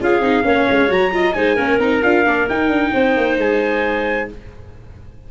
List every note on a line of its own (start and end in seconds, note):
0.00 0.19 C#4
0.00 0.22 F4
0.00 0.45 G#4
0.00 0.92 F5
0.19 0.42 C4
0.19 0.43 D#4
0.43 0.67 A#3
0.43 0.88 C#4
0.43 1.13 C#5
0.70 0.90 G#3
0.88 1.35 F#3
0.88 1.11 F#4
0.88 1.33 A#5
1.12 1.34 F4
1.12 1.36 D#5
1.33 1.58 G#3
1.33 1.57 D#4
1.33 1.55 C5
1.33 1.78 G#5
1.55 1.79 A#3
1.55 1.80 C#4
1.55 2.91 A#4
1.79 2.01 C4
1.79 2.02 D#4
1.79 2.02 A#5
2.03 2.25 D4
2.03 2.25 F4
2.03 2.48 F5
2.25 2.48 A#3
2.25 2.48 D4
2.49 2.68 D#4
2.49 4.31 D#4
2.49 3.39 G5
2.68 2.90 D4
2.93 3.17 C4
2.93 4.29 C5
3.17 3.37 A#3
3.37 4.28 G#3
3.37 4.30 G#5